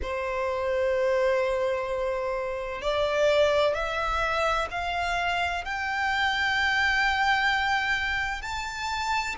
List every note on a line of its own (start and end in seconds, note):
0.02 2.81 C5
2.81 3.74 D5
3.74 4.68 E5
4.70 5.64 F5
5.65 8.42 G5
8.42 9.35 A5